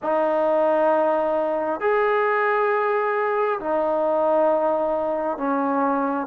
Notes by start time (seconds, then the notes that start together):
0.02 D#4
1.80 G#4
3.59 D#4
5.37 C#4